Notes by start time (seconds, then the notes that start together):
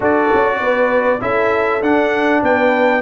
0.00 D4 F#4 A4 D5
0.33 C#4
0.59 B3 B4
1.20 C#4 E4 A4 E5
1.81 D4 F#5
2.42 B3 B4 G5